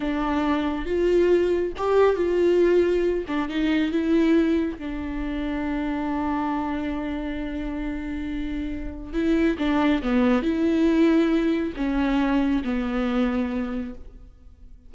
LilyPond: \new Staff \with { instrumentName = "viola" } { \time 4/4 \tempo 4 = 138 d'2 f'2 | g'4 f'2~ f'8 d'8 | dis'4 e'2 d'4~ | d'1~ |
d'1~ | d'4 e'4 d'4 b4 | e'2. cis'4~ | cis'4 b2. | }